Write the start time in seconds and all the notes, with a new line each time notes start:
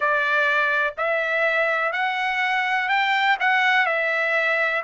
0.00 D5
0.97 E5
1.92 F#5
2.88 G5
3.40 F#5
3.85 E5